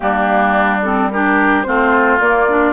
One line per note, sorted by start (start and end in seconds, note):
0.00 1.67 G3
0.00 0.81 A#3
0.00 1.11 D4
0.00 0.81 G4
0.81 1.11 C4
0.81 1.09 A4
1.10 1.65 D4
1.10 1.67 G4
1.10 1.62 A#4
1.62 2.19 A3
1.62 2.20 C4
1.62 2.72 F4
1.62 2.18 C5
2.19 2.72 A#3
2.19 2.49 A#3
2.19 2.72 D5
2.49 2.72 D4